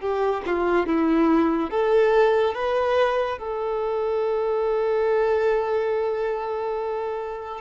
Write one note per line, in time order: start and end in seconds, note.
0.00 0.42 G4
0.46 0.86 F4
0.86 1.70 E4
1.70 2.54 A4
2.54 3.38 B4
3.38 7.61 A4